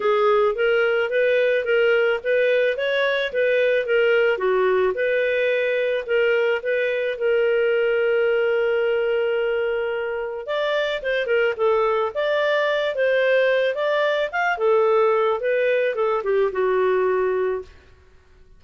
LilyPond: \new Staff \with { instrumentName = "clarinet" } { \time 4/4 \tempo 4 = 109 gis'4 ais'4 b'4 ais'4 | b'4 cis''4 b'4 ais'4 | fis'4 b'2 ais'4 | b'4 ais'2.~ |
ais'2. d''4 | c''8 ais'8 a'4 d''4. c''8~ | c''4 d''4 f''8 a'4. | b'4 a'8 g'8 fis'2 | }